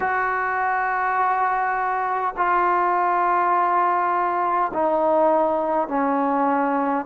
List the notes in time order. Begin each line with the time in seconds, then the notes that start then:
0.00 F#4
2.36 F4
4.73 D#4
5.88 C#4